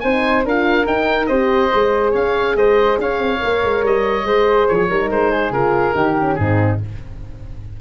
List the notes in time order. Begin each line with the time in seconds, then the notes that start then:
0.00 C4 D#4 C5 G#5
0.44 D4 F4 A#4 F5
0.85 D#4 G5
1.26 C4 G4 C5 D#5
1.71 G#3 G#4
2.11 C#4 C#5 F5
2.55 G#3 C5 D#5
2.97 C#4 C#5 F5
3.18 C4
3.39 A#3 A#4
3.63 G#3
3.83 G3 D#5
4.24 G#3 G#4 C5
4.68 F3 C#5
4.74 G#4
4.89 G3 D#4 A#4
5.10 G#3 C5
5.31 G#4
5.51 C#3 F4 A#4
5.93 D#3 D#4 G4
6.19 C#4
6.35 G#2 C4 D#4 G#4